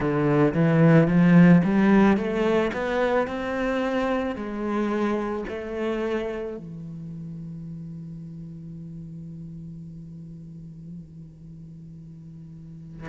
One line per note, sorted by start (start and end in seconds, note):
0.00 0.53 D3
0.54 1.07 E3
1.07 1.62 F3
1.64 2.17 G3
2.17 2.71 A3
2.72 3.27 B3
3.27 4.35 C4
4.35 5.44 G#3
5.48 6.57 A3
6.57 13.08 E3